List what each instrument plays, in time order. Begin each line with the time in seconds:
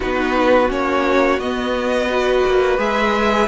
0.00 cello B3, viola D#4, violin F#4 B4
0.68 cello A#3, viola C#4, violin C#5
1.39 cello B3, viola B3, violin D#5
2.09 viola F#4, violin B4
2.45 cello A#3
2.78 cello G#3, viola G#4, violin E5